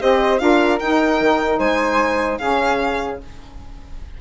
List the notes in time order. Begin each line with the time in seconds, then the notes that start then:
0.00 C4 G4 C5 D#5
0.39 D4 F4 A#4 F5
0.79 D#4 G5
1.20 D#3
1.59 G#3 C5 G#5
2.38 C#3 C#4 G#4 F5